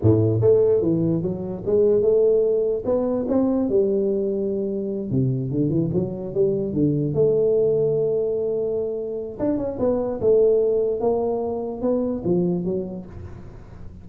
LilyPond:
\new Staff \with { instrumentName = "tuba" } { \time 4/4 \tempo 4 = 147 a,4 a4 e4 fis4 | gis4 a2 b4 | c'4 g2.~ | g8 c4 d8 e8 fis4 g8~ |
g8 d4 a2~ a8~ | a2. d'8 cis'8 | b4 a2 ais4~ | ais4 b4 f4 fis4 | }